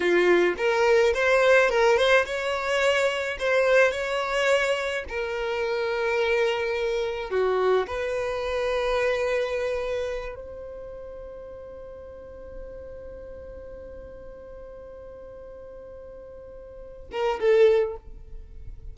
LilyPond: \new Staff \with { instrumentName = "violin" } { \time 4/4 \tempo 4 = 107 f'4 ais'4 c''4 ais'8 c''8 | cis''2 c''4 cis''4~ | cis''4 ais'2.~ | ais'4 fis'4 b'2~ |
b'2~ b'8 c''4.~ | c''1~ | c''1~ | c''2~ c''8 ais'8 a'4 | }